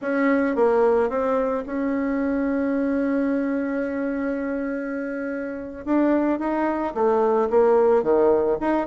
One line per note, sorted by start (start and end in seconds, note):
0.01 0.55 C#4
0.55 1.09 A#3
1.09 1.64 C4
1.66 5.85 C#4
5.85 6.39 D4
6.39 6.93 D#4
6.94 7.49 A3
7.50 8.02 A#3
8.02 8.57 D#3
8.60 8.86 D#4